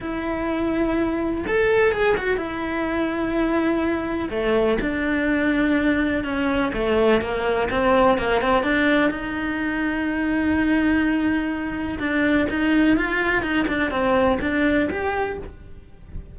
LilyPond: \new Staff \with { instrumentName = "cello" } { \time 4/4 \tempo 4 = 125 e'2. a'4 | gis'8 fis'8 e'2.~ | e'4 a4 d'2~ | d'4 cis'4 a4 ais4 |
c'4 ais8 c'8 d'4 dis'4~ | dis'1~ | dis'4 d'4 dis'4 f'4 | dis'8 d'8 c'4 d'4 g'4 | }